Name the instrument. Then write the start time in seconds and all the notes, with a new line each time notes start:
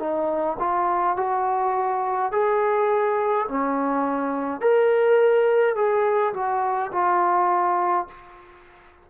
trombone
0.00 D#4
0.59 F4
1.17 F#4
2.32 G#4
3.49 C#4
4.62 A#4
5.76 G#4
6.34 F#4
6.93 F4